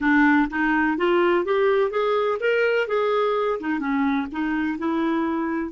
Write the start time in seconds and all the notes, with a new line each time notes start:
0.00 D4
0.49 D#4
0.97 F4
1.45 G4
1.90 G#4
2.40 A#4
2.87 G#4
3.60 D#4
3.79 C#4
4.31 D#4
4.78 E4